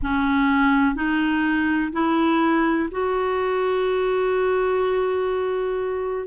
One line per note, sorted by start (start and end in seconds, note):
0.02 0.95 C#4
0.95 1.92 D#4
1.92 2.89 E4
2.91 6.27 F#4